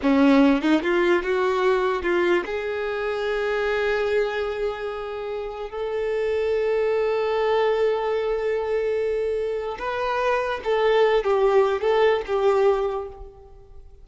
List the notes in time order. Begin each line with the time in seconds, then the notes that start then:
0.02 C#4
0.61 D#4
0.82 F4
1.22 F#4
2.02 F4
2.45 G#4
5.69 A4
9.78 B4
10.64 A4
11.24 G4
11.81 A4
12.26 G4